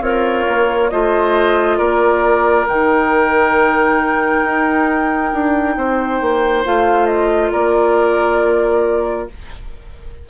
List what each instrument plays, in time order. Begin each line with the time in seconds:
0.00 bassoon C4, oboe F4, clarinet A#4, flute C#5
0.48 bassoon A#3
0.90 bassoon A3, clarinet F4, oboe C5, flute D#5
1.78 bassoon A#3, oboe A#4, flute D5
2.67 bassoon D#3, clarinet D#4, flute G5
4.44 bassoon D#4
5.33 bassoon D4
5.77 bassoon C4, oboe C5
6.21 bassoon A#3
6.65 bassoon A3, clarinet F4, flute F5
7.06 flute D#5
7.51 bassoon A#3, oboe A#4, flute D5